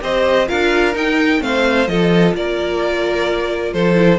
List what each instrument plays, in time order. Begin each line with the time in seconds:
0.00 cello C4, viola G4, violin C5 D#5
0.47 cello D4, viola F4, violin A#4 F5
0.93 viola D#4, cello D#4, violin G5
1.39 cello A3, viola C4, violin C5 F5
1.87 cello F3, viola F4, violin A4 D#5
2.34 cello A#3, violin A#4 D5
3.73 cello F3, violin A4 C5
3.94 viola E4